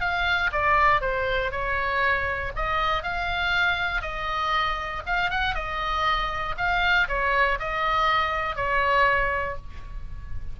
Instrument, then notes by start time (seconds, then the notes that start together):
oboe
0.00 F5
0.52 D5
1.01 C5
1.51 C#5
2.56 D#5
3.03 F5
4.02 D#5
5.06 F5
5.30 F#5
5.55 D#5
6.57 F5
7.08 C#5
7.59 D#5
8.56 C#5